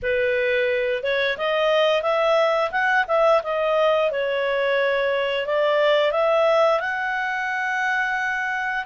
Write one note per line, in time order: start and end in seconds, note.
0.02 1.03 B4
1.03 1.37 C#5
1.37 2.02 D#5
2.02 2.70 E5
2.71 3.05 F#5
3.07 3.42 E5
3.43 4.11 D#5
4.11 5.46 C#5
5.46 6.11 D5
6.11 6.79 E5
6.80 8.84 F#5